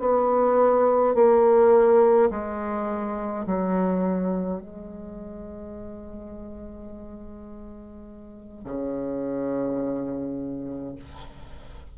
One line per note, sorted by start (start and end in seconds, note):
0.00 1.15 B3
1.15 2.30 A#3
2.31 3.46 G#3
3.47 4.61 F#3
4.61 8.65 G#3
8.65 10.96 C#3